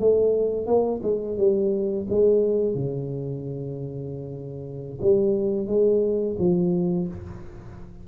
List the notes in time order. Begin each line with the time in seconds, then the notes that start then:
0.00 A3
0.67 A#3
1.03 G#3
1.38 G3
2.10 G#3
2.75 C#3
5.01 G3
5.67 G#3
6.39 F3